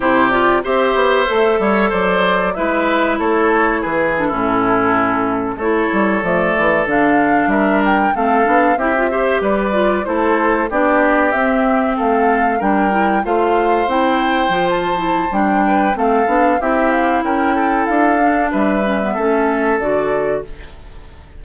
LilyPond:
<<
  \new Staff \with { instrumentName = "flute" } { \time 4/4 \tempo 4 = 94 c''8 d''8 e''2 d''4 | e''4 cis''4 b'8 a'4.~ | a'8. cis''4 d''4 f''4 e''16~ | e''16 g''8 f''4 e''4 d''4 c''16~ |
c''8. d''4 e''4 f''4 g''16~ | g''8. f''4 g''4~ g''16 a''4 | g''4 f''4 e''8 f''8 g''4 | f''4 e''2 d''4 | }
  \new Staff \with { instrumentName = "oboe" } { \time 4/4 g'4 c''4. cis''8 c''4 | b'4 a'4 gis'8. e'4~ e'16~ | e'8. a'2. ais'16~ | ais'8. a'4 g'8 c''8 b'4 a'16~ |
a'8. g'2 a'4 ais'16~ | ais'8. c''2.~ c''16~ | c''8 b'8 a'4 g'4 ais'8 a'8~ | a'4 b'4 a'2 | }
  \new Staff \with { instrumentName = "clarinet" } { \time 4/4 e'8 f'8 g'4 a'2 | e'2~ e'8 d'16 cis'4~ cis'16~ | cis'8. e'4 a4 d'4~ d'16~ | d'8. c'8 d'8 e'16 f'16 g'4 f'8 e'16~ |
e'8. d'4 c'2 d'16~ | d'16 e'8 f'4 e'4 f'8. e'8 | d'4 c'8 d'8 e'2~ | e'8 d'4 cis'16 b16 cis'4 fis'4 | }
  \new Staff \with { instrumentName = "bassoon" } { \time 4/4 c4 c'8 b8 a8 g8 fis4 | gis4 a4 e8. a,4~ a,16~ | a,8. a8 g8 f8 e8 d4 g16~ | g8. a8 b8 c'4 g4 a16~ |
a8. b4 c'4 a4 g16~ | g8. a4 c'4 f4~ f16 | g4 a8 b8 c'4 cis'4 | d'4 g4 a4 d4 | }
>>